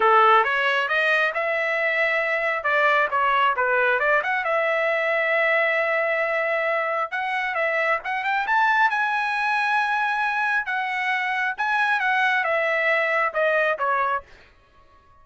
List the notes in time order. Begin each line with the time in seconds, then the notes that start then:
0.00 A4
0.43 C#5
0.88 D#5
1.34 E5
2.63 D5
3.11 C#5
3.56 B4
3.99 D5
4.23 F#5
4.44 E5
7.11 F#5
7.54 E5
8.04 F#5
8.24 G5
8.46 A5
8.89 G#5
10.65 F#5
11.57 G#5
12.00 F#5
12.43 E5
13.33 D#5
13.78 C#5